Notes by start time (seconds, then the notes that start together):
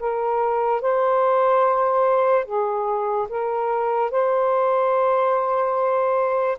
0.00 A#4
0.81 C5
2.45 G#4
3.29 A#4
4.11 C5